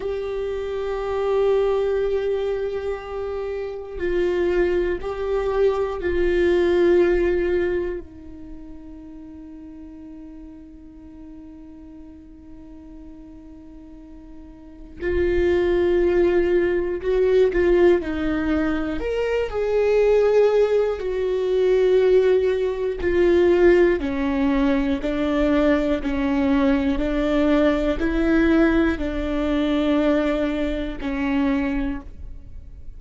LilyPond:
\new Staff \with { instrumentName = "viola" } { \time 4/4 \tempo 4 = 60 g'1 | f'4 g'4 f'2 | dis'1~ | dis'2. f'4~ |
f'4 fis'8 f'8 dis'4 ais'8 gis'8~ | gis'4 fis'2 f'4 | cis'4 d'4 cis'4 d'4 | e'4 d'2 cis'4 | }